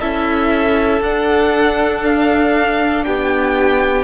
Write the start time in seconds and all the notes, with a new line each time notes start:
0.00 C#4 E4 A4 E5
1.01 D4 F#5
2.04 F5
3.04 B3 G4 G5